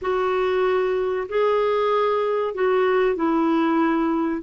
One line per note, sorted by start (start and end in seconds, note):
0.01 1.27 F#4
1.28 2.54 G#4
2.54 3.15 F#4
3.15 4.42 E4